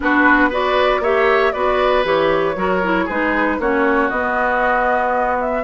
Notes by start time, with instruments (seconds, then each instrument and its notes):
0.00 bassoon B3, clarinet D4, oboe F#4, flute B4
0.49 clarinet F#4, oboe B4, flute D5
0.99 bassoon A#3, clarinet G4, oboe C#5, flute E5
1.52 bassoon B3, clarinet F#4, oboe B4, flute D5
2.03 bassoon E3, clarinet G4, flute C#5
2.55 bassoon F#3, clarinet F#4, oboe A#4
2.83 clarinet E4
3.05 bassoon G#3, clarinet D#4, oboe G#4, flute B4
3.58 bassoon A#3, clarinet C#4, oboe F#4, flute C#5
4.09 bassoon B3, clarinet B3, flute D#5
5.40 flute E5